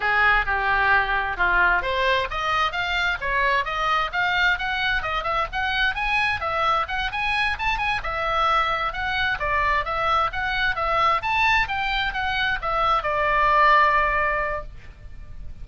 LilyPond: \new Staff \with { instrumentName = "oboe" } { \time 4/4 \tempo 4 = 131 gis'4 g'2 f'4 | c''4 dis''4 f''4 cis''4 | dis''4 f''4 fis''4 dis''8 e''8 | fis''4 gis''4 e''4 fis''8 gis''8~ |
gis''8 a''8 gis''8 e''2 fis''8~ | fis''8 d''4 e''4 fis''4 e''8~ | e''8 a''4 g''4 fis''4 e''8~ | e''8 d''2.~ d''8 | }